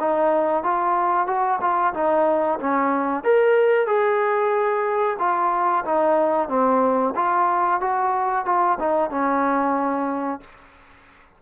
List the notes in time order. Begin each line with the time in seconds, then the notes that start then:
0.00 D#4
0.64 F4
1.27 F#4
1.61 F4
1.94 D#4
2.60 C#4
3.24 A#4
3.87 G#4
5.19 F4
5.85 D#4
6.49 C4
7.16 F4
7.81 F#4
8.46 F4
8.79 D#4
9.10 C#4